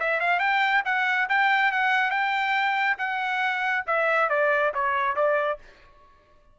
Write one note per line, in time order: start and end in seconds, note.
0.00 0.20 E5
0.20 0.40 F5
0.40 0.83 G5
0.85 1.28 F#5
1.29 1.72 G5
1.72 2.11 F#5
2.11 2.97 G5
2.98 3.85 F#5
3.87 4.30 E5
4.30 4.73 D5
4.74 5.16 C#5
5.16 5.59 D5